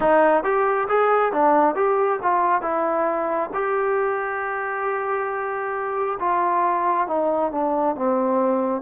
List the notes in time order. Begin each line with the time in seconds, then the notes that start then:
0.00 D#4
0.43 G4
0.88 G#4
1.32 D4
1.75 G4
2.22 F4
2.61 E4
3.53 G4
6.19 F4
7.07 D#4
7.51 D4
7.95 C4